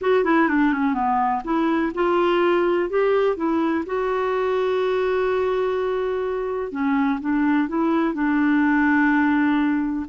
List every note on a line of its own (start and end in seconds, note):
0.01 0.24 F#4
0.24 0.48 E4
0.48 0.72 D4
0.72 0.94 C#4
0.94 1.42 B3
1.44 1.92 E4
1.94 2.89 F4
2.89 3.36 G4
3.36 3.84 E4
3.86 6.71 F#4
6.71 7.19 C#4
7.20 7.68 D4
7.68 8.13 E4
8.13 10.05 D4